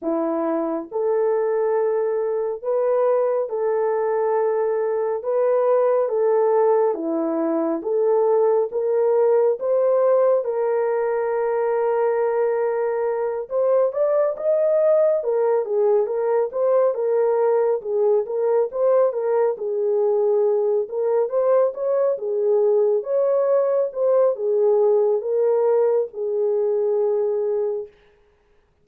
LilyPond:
\new Staff \with { instrumentName = "horn" } { \time 4/4 \tempo 4 = 69 e'4 a'2 b'4 | a'2 b'4 a'4 | e'4 a'4 ais'4 c''4 | ais'2.~ ais'8 c''8 |
d''8 dis''4 ais'8 gis'8 ais'8 c''8 ais'8~ | ais'8 gis'8 ais'8 c''8 ais'8 gis'4. | ais'8 c''8 cis''8 gis'4 cis''4 c''8 | gis'4 ais'4 gis'2 | }